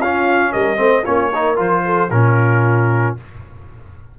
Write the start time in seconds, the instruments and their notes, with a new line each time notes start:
0.00 tuba C#4, trombone C#4, horn F4, trumpet F5
0.53 tuba G3, horn A#4, trumpet D#5
0.77 tuba A3, trombone C4, horn C5
1.04 tuba A#3, trombone C#4, horn F4, trumpet C#5
1.32 trombone D#4, horn A#4
1.56 tuba F3, trombone F4, trumpet C5
1.86 horn A4
2.11 tuba A#2, trombone C#4, horn F4, trumpet A#4